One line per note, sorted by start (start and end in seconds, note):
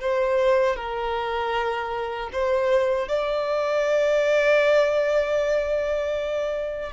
0.00 0.76 C5
0.76 2.30 A#4
2.33 3.08 C5
3.08 6.92 D5